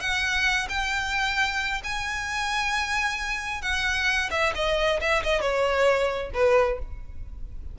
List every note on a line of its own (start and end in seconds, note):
0.00 0.68 F#5
0.69 1.82 G5
1.84 3.62 G#5
3.62 4.30 F#5
4.31 4.53 E5
4.55 5.00 D#5
5.01 5.23 E5
5.23 5.41 D#5
5.41 6.31 C#5
6.34 6.79 B4